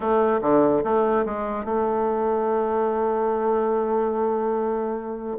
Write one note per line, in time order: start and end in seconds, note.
0.00 0.40 A3
0.41 0.83 D3
0.84 1.25 A3
1.25 1.64 G#3
1.64 5.37 A3